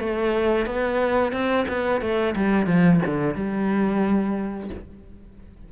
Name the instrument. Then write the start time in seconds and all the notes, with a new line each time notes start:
cello
0.00 A3
0.66 B3
1.32 C4
1.68 B3
2.01 A3
2.36 G3
2.67 F3
3.06 D3
3.35 G3